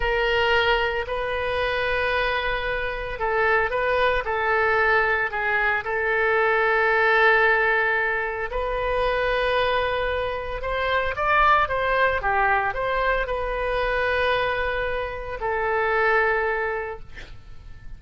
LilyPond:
\new Staff \with { instrumentName = "oboe" } { \time 4/4 \tempo 4 = 113 ais'2 b'2~ | b'2 a'4 b'4 | a'2 gis'4 a'4~ | a'1 |
b'1 | c''4 d''4 c''4 g'4 | c''4 b'2.~ | b'4 a'2. | }